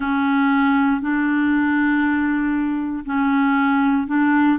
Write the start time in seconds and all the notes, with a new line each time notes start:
0.00 C#4
1.01 D4
3.05 C#4
4.07 D4